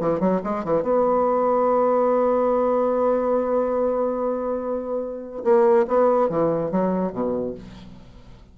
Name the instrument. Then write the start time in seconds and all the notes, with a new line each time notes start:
bassoon
0.00 E3
0.20 F#3
0.44 G#3
0.64 E3
0.82 B3
5.44 A#3
5.88 B3
6.29 E3
6.71 F#3
7.12 B2